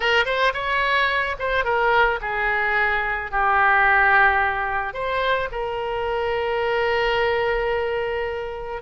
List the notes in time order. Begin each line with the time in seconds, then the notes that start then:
0.00 A#4
0.25 C5
0.53 C#5
1.39 C5
1.64 A#4
2.21 G#4
3.31 G4
4.93 C5
5.51 A#4